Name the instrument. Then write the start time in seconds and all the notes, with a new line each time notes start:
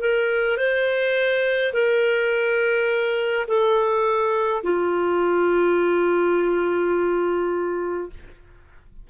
clarinet
0.00 A#4
0.57 C5
1.73 A#4
3.47 A4
4.63 F4